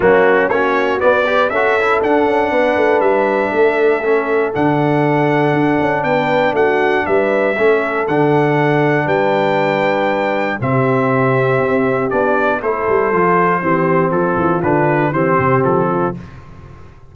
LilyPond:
<<
  \new Staff \with { instrumentName = "trumpet" } { \time 4/4 \tempo 4 = 119 fis'4 cis''4 d''4 e''4 | fis''2 e''2~ | e''4 fis''2. | g''4 fis''4 e''2 |
fis''2 g''2~ | g''4 e''2. | d''4 c''2. | a'4 b'4 c''4 a'4 | }
  \new Staff \with { instrumentName = "horn" } { \time 4/4 cis'4 fis'4. b'8 a'4~ | a'4 b'2 a'4~ | a'1 | b'4 fis'4 b'4 a'4~ |
a'2 b'2~ | b'4 g'2.~ | g'4 a'2 g'4 | f'2 g'4. f'8 | }
  \new Staff \with { instrumentName = "trombone" } { \time 4/4 ais4 cis'4 b8 g'8 fis'8 e'8 | d'1 | cis'4 d'2.~ | d'2. cis'4 |
d'1~ | d'4 c'2. | d'4 e'4 f'4 c'4~ | c'4 d'4 c'2 | }
  \new Staff \with { instrumentName = "tuba" } { \time 4/4 fis4 ais4 b4 cis'4 | d'8 cis'8 b8 a8 g4 a4~ | a4 d2 d'8 cis'8 | b4 a4 g4 a4 |
d2 g2~ | g4 c2 c'4 | b4 a8 g8 f4 e4 | f8 e8 d4 e8 c8 f4 | }
>>